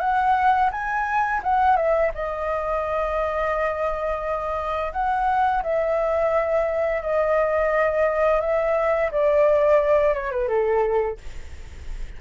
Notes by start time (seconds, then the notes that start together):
0.00 F#5
0.71 G#5
1.43 F#5
1.76 E5
2.14 D#5
4.92 F#5
5.63 E5
7.02 D#5
8.40 E5
9.11 D5
10.14 C#5
10.31 B4
10.48 A4